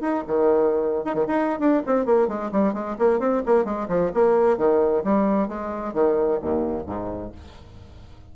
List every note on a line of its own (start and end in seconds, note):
0.00 0.23 D#4
0.26 1.04 D#3
1.04 1.14 D#4
1.14 1.25 D#3
1.27 1.59 D#4
1.59 1.82 D4
1.86 2.05 C4
2.05 2.27 A#3
2.27 2.50 G#3
2.51 2.73 G3
2.73 2.96 G#3
2.98 3.19 A#3
3.19 3.42 C4
3.46 3.64 A#3
3.64 3.87 G#3
3.88 4.11 F3
4.13 4.57 A#3
4.57 5.03 D#3
5.03 5.48 G3
5.48 5.93 G#3
5.93 6.39 D#3
6.41 6.86 D#2
6.86 7.31 G#2